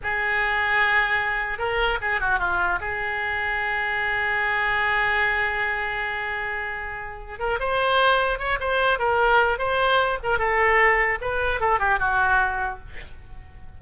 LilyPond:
\new Staff \with { instrumentName = "oboe" } { \time 4/4 \tempo 4 = 150 gis'1 | ais'4 gis'8 fis'8 f'4 gis'4~ | gis'1~ | gis'1~ |
gis'2~ gis'8 ais'8 c''4~ | c''4 cis''8 c''4 ais'4. | c''4. ais'8 a'2 | b'4 a'8 g'8 fis'2 | }